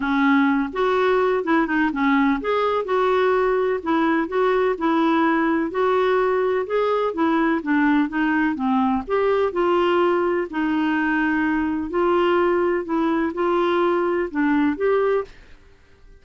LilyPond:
\new Staff \with { instrumentName = "clarinet" } { \time 4/4 \tempo 4 = 126 cis'4. fis'4. e'8 dis'8 | cis'4 gis'4 fis'2 | e'4 fis'4 e'2 | fis'2 gis'4 e'4 |
d'4 dis'4 c'4 g'4 | f'2 dis'2~ | dis'4 f'2 e'4 | f'2 d'4 g'4 | }